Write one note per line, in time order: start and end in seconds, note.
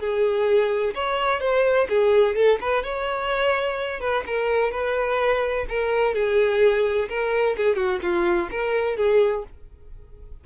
0.00 0.94 G#4
0.95 1.40 C#5
1.40 1.88 C5
1.89 2.36 G#4
2.36 2.59 A4
2.61 2.83 B4
2.83 4.01 C#5
4.01 4.24 B4
4.27 4.72 A#4
4.72 5.66 B4
5.69 6.14 A#4
6.14 7.09 G#4
7.09 7.57 A#4
7.57 7.76 G#4
7.76 7.99 F#4
8.03 8.50 F4
8.51 8.97 A#4
8.97 9.44 G#4